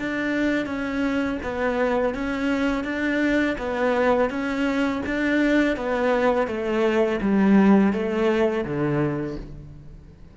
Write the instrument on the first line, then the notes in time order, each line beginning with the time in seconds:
cello
0.00 D4
0.66 C#4
1.43 B3
2.15 C#4
2.85 D4
3.58 B3
4.30 C#4
5.07 D4
5.77 B3
6.48 A3
7.22 G3
7.94 A3
8.65 D3